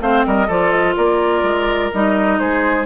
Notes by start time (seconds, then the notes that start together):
0.00 A3 C4 C5 F5
0.26 G3 A#4 D#5
0.47 F3 F4 A4 D5
0.70 D#5
0.97 A#3 A#4 D5
1.43 G#3
1.93 G3 D#4 D#5
2.39 G#3 G#4 C5